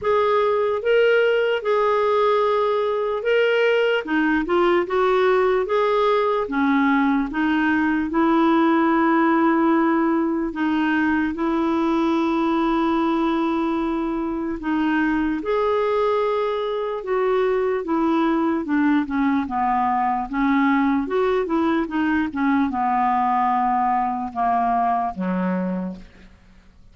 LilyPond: \new Staff \with { instrumentName = "clarinet" } { \time 4/4 \tempo 4 = 74 gis'4 ais'4 gis'2 | ais'4 dis'8 f'8 fis'4 gis'4 | cis'4 dis'4 e'2~ | e'4 dis'4 e'2~ |
e'2 dis'4 gis'4~ | gis'4 fis'4 e'4 d'8 cis'8 | b4 cis'4 fis'8 e'8 dis'8 cis'8 | b2 ais4 fis4 | }